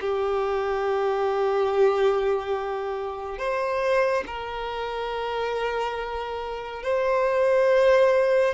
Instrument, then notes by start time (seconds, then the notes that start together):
violin
0.00 G4
3.38 C5
4.26 A#4
6.83 C5